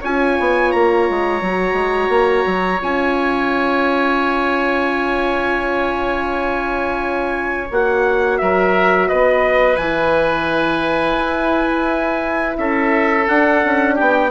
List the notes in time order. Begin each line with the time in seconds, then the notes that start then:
0.00 C#4 F4 C#5 G#5
0.39 B3
0.71 A#3 A#5
1.09 G#3
1.41 F#3 F#4
1.73 G#3
2.08 A#3
2.45 F#3
2.80 C#4 F4 G#5
7.70 A#3 F#4 F#5
8.38 F#3 A#4 E5
9.07 B3 B4 D#5
9.76 E3 E4 G#5
11.17 E4
12.57 C#4 A4 E5
13.27 D4 F#5
13.64 C#4
13.94 B3 G4 G5